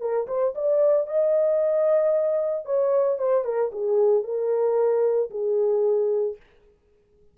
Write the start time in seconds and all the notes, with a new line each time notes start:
0.00 A#4
0.27 C5
0.55 D5
1.06 D#5
2.65 C#5
3.18 C5
3.44 A#4
3.72 G#4
4.23 A#4
5.30 G#4